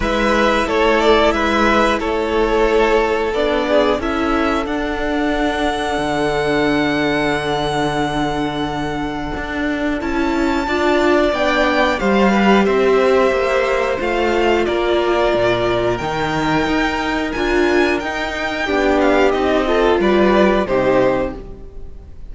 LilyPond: <<
  \new Staff \with { instrumentName = "violin" } { \time 4/4 \tempo 4 = 90 e''4 cis''8 d''8 e''4 cis''4~ | cis''4 d''4 e''4 fis''4~ | fis''1~ | fis''2. a''4~ |
a''4 g''4 f''4 e''4~ | e''4 f''4 d''2 | g''2 gis''4 g''4~ | g''8 f''8 dis''4 d''4 c''4 | }
  \new Staff \with { instrumentName = "violin" } { \time 4/4 b'4 a'4 b'4 a'4~ | a'4. gis'8 a'2~ | a'1~ | a'1 |
d''2 c''8 b'8 c''4~ | c''2 ais'2~ | ais'1 | g'4. a'8 b'4 g'4 | }
  \new Staff \with { instrumentName = "viola" } { \time 4/4 e'1~ | e'4 d'4 e'4 d'4~ | d'1~ | d'2. e'4 |
f'4 d'4 g'2~ | g'4 f'2. | dis'2 f'4 dis'4 | d'4 dis'8 f'4. dis'4 | }
  \new Staff \with { instrumentName = "cello" } { \time 4/4 gis4 a4 gis4 a4~ | a4 b4 cis'4 d'4~ | d'4 d2.~ | d2 d'4 cis'4 |
d'4 b4 g4 c'4 | ais4 a4 ais4 ais,4 | dis4 dis'4 d'4 dis'4 | b4 c'4 g4 c4 | }
>>